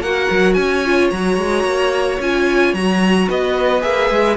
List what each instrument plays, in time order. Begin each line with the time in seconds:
0.00 cello A#3, viola F#4, violin A#4 F#5
0.31 cello F#3
0.54 cello C#4, violin C#5 G#5
0.85 viola F4
1.10 cello F#3, viola F#4, violin A#5
1.37 cello G#3
1.64 cello A#3
2.20 cello C#4, viola F4, violin G#5
2.74 cello F#3, viola F#4, violin A#5
3.29 cello B3, violin B4 D#5
3.81 cello A#3, viola G#4, violin E5
4.10 cello G#3